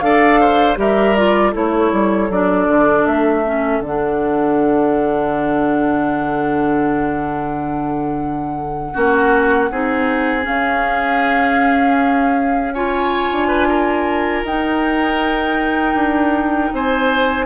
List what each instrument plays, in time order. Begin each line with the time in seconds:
0.00 bassoon D4, clarinet A4, oboe D5, flute F5
0.41 oboe C5
0.77 bassoon G3, clarinet G4, oboe A#4, flute E5
1.16 clarinet F4, flute D5
1.52 bassoon A3, clarinet E4, oboe A4, flute C#5
1.93 bassoon G3
2.30 bassoon F#3, clarinet D4, flute D5
2.68 bassoon D3
3.06 bassoon A3, flute E5
3.45 clarinet C#4
3.80 bassoon D3, flute F#5
3.87 clarinet D4
8.94 bassoon A#3, clarinet C#4, oboe F#4
9.71 bassoon C4, clarinet D#4, oboe G#4
10.42 clarinet C#4, bassoon C#4, flute F5
12.73 clarinet F4, oboe C#5, flute G#5
13.31 bassoon D4
13.48 oboe B4
13.69 oboe A#4
14.43 bassoon D#4, clarinet D#4, flute G5
15.94 bassoon D4
16.73 bassoon C4, oboe C5, flute G#5